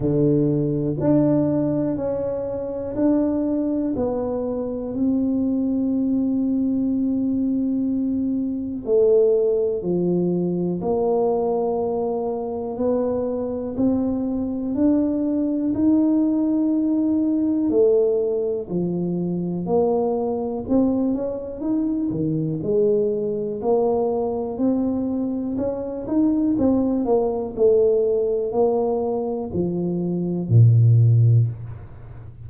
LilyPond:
\new Staff \with { instrumentName = "tuba" } { \time 4/4 \tempo 4 = 61 d4 d'4 cis'4 d'4 | b4 c'2.~ | c'4 a4 f4 ais4~ | ais4 b4 c'4 d'4 |
dis'2 a4 f4 | ais4 c'8 cis'8 dis'8 dis8 gis4 | ais4 c'4 cis'8 dis'8 c'8 ais8 | a4 ais4 f4 ais,4 | }